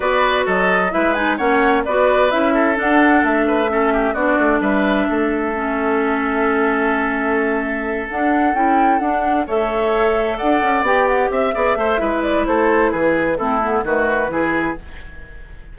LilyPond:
<<
  \new Staff \with { instrumentName = "flute" } { \time 4/4 \tempo 4 = 130 d''4 dis''4 e''8 gis''8 fis''4 | d''4 e''4 fis''4 e''4~ | e''4 d''4 e''2~ | e''1~ |
e''4. fis''4 g''4 fis''8~ | fis''8 e''2 fis''4 g''8 | fis''8 e''2 d''8 c''4 | b'4 a'4 b'2 | }
  \new Staff \with { instrumentName = "oboe" } { \time 4/4 b'4 a'4 b'4 cis''4 | b'4. a'2 b'8 | a'8 g'8 fis'4 b'4 a'4~ | a'1~ |
a'1~ | a'8 cis''2 d''4.~ | d''8 e''8 d''8 c''8 b'4 a'4 | gis'4 e'4 fis'4 gis'4 | }
  \new Staff \with { instrumentName = "clarinet" } { \time 4/4 fis'2 e'8 dis'8 cis'4 | fis'4 e'4 d'2 | cis'4 d'2. | cis'1~ |
cis'4. d'4 e'4 d'8~ | d'8 a'2. g'8~ | g'4 gis'8 a'8 e'2~ | e'4 c'8 b8 a4 e'4 | }
  \new Staff \with { instrumentName = "bassoon" } { \time 4/4 b4 fis4 gis4 ais4 | b4 cis'4 d'4 a4~ | a4 b8 a8 g4 a4~ | a1~ |
a4. d'4 cis'4 d'8~ | d'8 a2 d'8 cis'8 b8~ | b8 c'8 b8 a8 gis4 a4 | e4 a4 dis4 e4 | }
>>